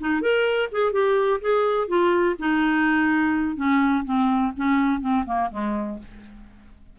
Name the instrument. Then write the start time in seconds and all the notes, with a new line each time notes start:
clarinet
0.00 D#4
0.21 A#4
0.71 G#4
0.92 G4
1.41 G#4
1.88 F4
2.39 D#4
3.56 C#4
4.04 C4
4.56 C#4
5.00 C4
5.26 A#3
5.51 G#3